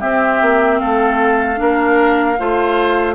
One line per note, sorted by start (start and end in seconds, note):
0.00 1.56 C4
0.00 0.41 C4
0.00 0.79 G4
0.00 0.78 E5
0.41 0.81 A#3
0.78 1.60 A3
0.78 1.59 A4
0.78 3.15 F5
1.56 2.39 A#3
1.56 2.35 D4
1.56 2.39 A#4
2.39 3.15 A3
2.39 3.15 F4
2.39 3.15 C5